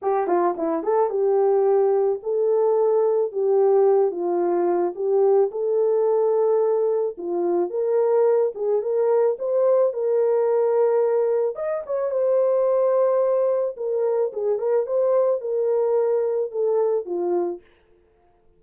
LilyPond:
\new Staff \with { instrumentName = "horn" } { \time 4/4 \tempo 4 = 109 g'8 f'8 e'8 a'8 g'2 | a'2 g'4. f'8~ | f'4 g'4 a'2~ | a'4 f'4 ais'4. gis'8 |
ais'4 c''4 ais'2~ | ais'4 dis''8 cis''8 c''2~ | c''4 ais'4 gis'8 ais'8 c''4 | ais'2 a'4 f'4 | }